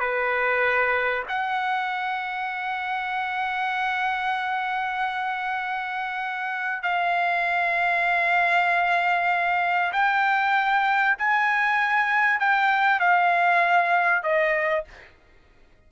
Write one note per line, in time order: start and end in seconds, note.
0.00 1.24 B4
1.29 6.83 F#5
6.83 9.92 F5
9.93 11.17 G5
11.18 12.40 G#5
12.40 13.00 G5
13.00 14.23 F5
14.23 14.85 D#5